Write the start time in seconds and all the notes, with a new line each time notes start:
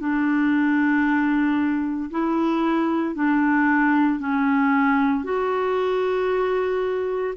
0.00 D4
2.11 E4
3.15 D4
4.20 C#4
5.24 F#4